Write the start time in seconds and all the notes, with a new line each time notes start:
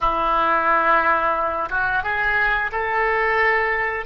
0.00 E4
1.69 F#4
2.03 G#4
2.72 A4